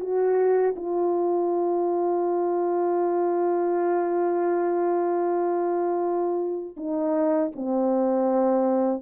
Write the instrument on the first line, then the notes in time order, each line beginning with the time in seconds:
horn
0.00 F#4
0.76 F4
6.77 D#4
7.56 C4